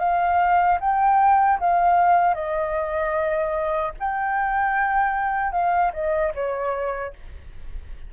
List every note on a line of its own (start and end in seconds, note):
0.00 0.79 F5
0.81 1.60 G5
1.60 2.35 F5
2.35 3.93 D#5
4.00 5.53 G5
5.53 5.92 F5
5.94 6.33 D#5
6.35 7.14 C#5